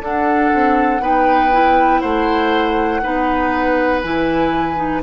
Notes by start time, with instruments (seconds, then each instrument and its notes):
0.00 bassoon D4, clarinet D4, oboe A4, flute F#5
0.54 bassoon C4
1.00 bassoon B3, clarinet D#4, oboe B4, flute G5
1.52 clarinet E4
2.01 bassoon A3, oboe C5, flute F#5
3.02 bassoon B3, clarinet D#4, oboe B4
4.02 bassoon E3, clarinet E4, flute G#5
4.76 clarinet D#4